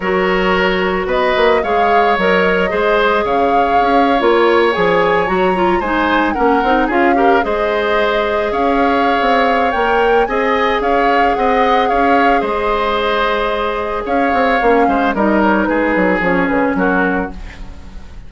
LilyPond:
<<
  \new Staff \with { instrumentName = "flute" } { \time 4/4 \tempo 4 = 111 cis''2 dis''4 f''4 | dis''2 f''4.~ f''16 cis''16~ | cis''8. gis''4 ais''4 gis''4 fis''16~ | fis''8. f''4 dis''2 f''16~ |
f''2 g''4 gis''4 | f''4 fis''4 f''4 dis''4~ | dis''2 f''2 | dis''8 cis''8 b'4 cis''8 b'8 ais'4 | }
  \new Staff \with { instrumentName = "oboe" } { \time 4/4 ais'2 b'4 cis''4~ | cis''4 c''4 cis''2~ | cis''2~ cis''8. c''4 ais'16~ | ais'8. gis'8 ais'8 c''2 cis''16~ |
cis''2. dis''4 | cis''4 dis''4 cis''4 c''4~ | c''2 cis''4. c''8 | ais'4 gis'2 fis'4 | }
  \new Staff \with { instrumentName = "clarinet" } { \time 4/4 fis'2. gis'4 | ais'4 gis'2~ gis'8. f'16~ | f'8. gis'4 fis'8 f'8 dis'4 cis'16~ | cis'16 dis'8 f'8 g'8 gis'2~ gis'16~ |
gis'2 ais'4 gis'4~ | gis'1~ | gis'2. cis'4 | dis'2 cis'2 | }
  \new Staff \with { instrumentName = "bassoon" } { \time 4/4 fis2 b8 ais8 gis4 | fis4 gis4 cis4 cis'8. ais16~ | ais8. f4 fis4 gis4 ais16~ | ais16 c'8 cis'4 gis2 cis'16~ |
cis'4 c'4 ais4 c'4 | cis'4 c'4 cis'4 gis4~ | gis2 cis'8 c'8 ais8 gis8 | g4 gis8 fis8 f8 cis8 fis4 | }
>>